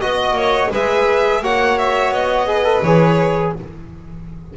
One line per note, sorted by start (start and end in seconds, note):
0.00 0.32 B3
0.00 0.72 F#4
0.00 0.71 D#5
0.00 0.36 D#5
0.32 0.67 A#3
0.32 0.71 C#5
0.70 1.41 G#3
0.70 1.42 G#4
0.70 1.41 B4
0.70 1.44 E5
1.41 2.10 A#3
1.41 2.46 F#4
1.41 2.48 C#5
1.41 1.78 F#5
1.78 2.13 E5
2.10 2.81 B3
2.10 2.83 D#5
2.46 2.64 G#4
2.46 3.54 B4
2.64 2.81 A4
2.82 3.53 E3
2.82 3.56 G#4
2.82 3.54 C#5